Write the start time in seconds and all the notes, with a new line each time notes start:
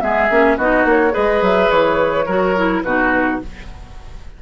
0.00 G#3 B3 G#4 E5
0.30 A#3 C#4
0.57 B3 D#4 F#4 D#5
0.85 A#3 C#5
1.11 G#4 B4 D#5
1.17 G#3
1.42 F#3 E5
1.70 E3 C#5
2.26 F#3 F#4 A#4
2.56 E4
2.82 B2 D#4 F#4 B4